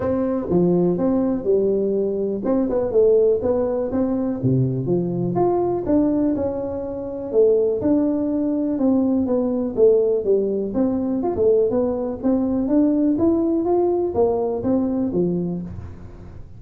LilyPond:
\new Staff \with { instrumentName = "tuba" } { \time 4/4 \tempo 4 = 123 c'4 f4 c'4 g4~ | g4 c'8 b8 a4 b4 | c'4 c4 f4 f'4 | d'4 cis'2 a4 |
d'2 c'4 b4 | a4 g4 c'4 f'16 a8. | b4 c'4 d'4 e'4 | f'4 ais4 c'4 f4 | }